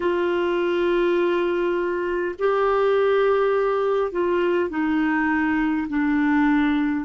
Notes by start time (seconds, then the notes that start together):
0.00 F4
2.39 G4
4.11 F4
4.69 D#4
5.88 D4